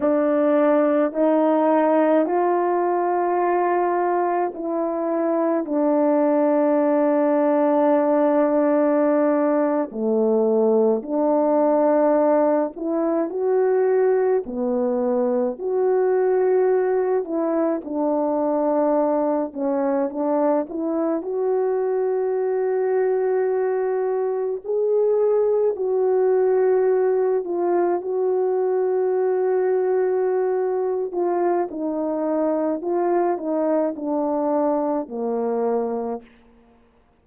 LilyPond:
\new Staff \with { instrumentName = "horn" } { \time 4/4 \tempo 4 = 53 d'4 dis'4 f'2 | e'4 d'2.~ | d'8. a4 d'4. e'8 fis'16~ | fis'8. b4 fis'4. e'8 d'16~ |
d'4~ d'16 cis'8 d'8 e'8 fis'4~ fis'16~ | fis'4.~ fis'16 gis'4 fis'4~ fis'16~ | fis'16 f'8 fis'2~ fis'8. f'8 | dis'4 f'8 dis'8 d'4 ais4 | }